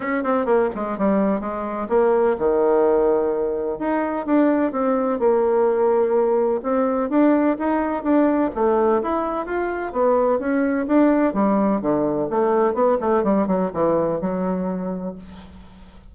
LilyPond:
\new Staff \with { instrumentName = "bassoon" } { \time 4/4 \tempo 4 = 127 cis'8 c'8 ais8 gis8 g4 gis4 | ais4 dis2. | dis'4 d'4 c'4 ais4~ | ais2 c'4 d'4 |
dis'4 d'4 a4 e'4 | f'4 b4 cis'4 d'4 | g4 d4 a4 b8 a8 | g8 fis8 e4 fis2 | }